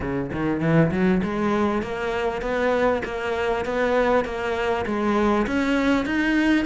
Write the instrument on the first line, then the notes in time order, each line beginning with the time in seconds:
cello
0.00 C#3
0.32 D#3
0.60 E3
0.91 F#3
1.23 G#3
1.82 A#3
2.41 B3
3.04 A#3
3.65 B3
4.24 A#3
4.85 G#3
5.47 C#4
6.05 D#4